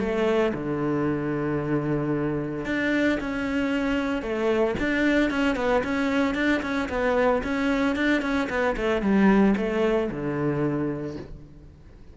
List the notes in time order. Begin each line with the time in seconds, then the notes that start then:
0.00 A3
0.54 D3
2.66 D4
3.21 C#4
4.23 A3
4.80 D4
5.31 C#4
5.57 B3
5.84 C#4
6.35 D4
6.63 C#4
6.90 B3
7.44 C#4
7.96 D4
8.22 C#4
8.50 B3
8.77 A3
9.02 G3
9.57 A3
10.11 D3